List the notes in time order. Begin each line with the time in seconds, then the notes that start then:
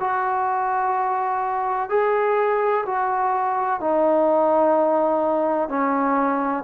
0.00 F#4
1.90 G#4
2.86 F#4
3.81 D#4
5.69 C#4